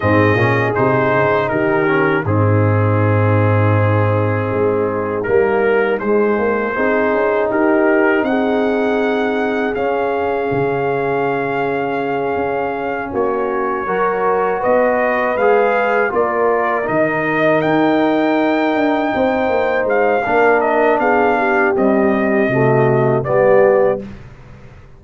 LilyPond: <<
  \new Staff \with { instrumentName = "trumpet" } { \time 4/4 \tempo 4 = 80 dis''4 c''4 ais'4 gis'4~ | gis'2. ais'4 | c''2 ais'4 fis''4~ | fis''4 f''2.~ |
f''4. cis''2 dis''8~ | dis''8 f''4 d''4 dis''4 g''8~ | g''2~ g''8 f''4 dis''8 | f''4 dis''2 d''4 | }
  \new Staff \with { instrumentName = "horn" } { \time 4/4 gis'2 g'4 dis'4~ | dis'1~ | dis'4 gis'4 g'4 gis'4~ | gis'1~ |
gis'4. fis'4 ais'4 b'8~ | b'4. ais'2~ ais'8~ | ais'4. c''4. ais'4 | gis'8 g'4. fis'4 g'4 | }
  \new Staff \with { instrumentName = "trombone" } { \time 4/4 c'8 cis'8 dis'4. cis'8 c'4~ | c'2. ais4 | gis4 dis'2.~ | dis'4 cis'2.~ |
cis'2~ cis'8 fis'4.~ | fis'8 gis'4 f'4 dis'4.~ | dis'2. d'4~ | d'4 g4 a4 b4 | }
  \new Staff \with { instrumentName = "tuba" } { \time 4/4 gis,8 ais,8 c8 cis8 dis4 gis,4~ | gis,2 gis4 g4 | gis8 ais8 c'8 cis'8 dis'4 c'4~ | c'4 cis'4 cis2~ |
cis8 cis'4 ais4 fis4 b8~ | b8 gis4 ais4 dis4 dis'8~ | dis'4 d'8 c'8 ais8 gis8 ais4 | b4 c'4 c4 g4 | }
>>